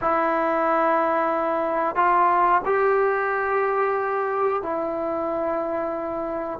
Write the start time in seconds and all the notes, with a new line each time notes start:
0.01 E4
1.95 F4
2.65 G4
4.62 E4